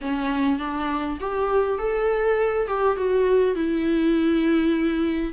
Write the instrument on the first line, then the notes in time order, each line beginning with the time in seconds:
viola
0.01 C#4
0.59 D4
1.20 G4
1.78 A4
2.67 G4
2.96 F#4
3.55 E4